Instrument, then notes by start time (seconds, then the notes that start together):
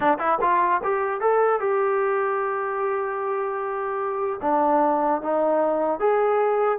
trombone
0.00 D4
0.18 E4
0.41 F4
0.83 G4
1.20 A4
1.60 G4
4.41 D4
5.21 D#4
5.99 G#4